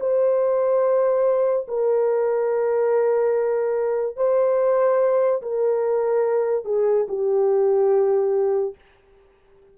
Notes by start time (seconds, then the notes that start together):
0.00 C5
1.68 A#4
4.17 C5
5.42 A#4
6.65 G#4
7.08 G4